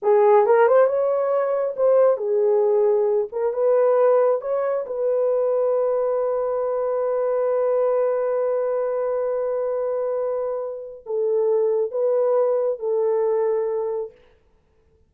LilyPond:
\new Staff \with { instrumentName = "horn" } { \time 4/4 \tempo 4 = 136 gis'4 ais'8 c''8 cis''2 | c''4 gis'2~ gis'8 ais'8 | b'2 cis''4 b'4~ | b'1~ |
b'1~ | b'1~ | b'4 a'2 b'4~ | b'4 a'2. | }